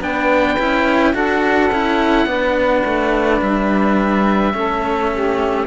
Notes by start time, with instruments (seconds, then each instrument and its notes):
0.00 cello B3 D4, saxophone B4, oboe G5
0.58 cello C#4 E4
1.14 cello D4 F#4, saxophone A4, oboe F#5
1.71 cello C#4 E4
2.27 cello B3 D4, saxophone B4
2.85 cello A3
3.42 cello G3, oboe E5
4.54 cello A3 C#4, saxophone A4
5.13 saxophone G4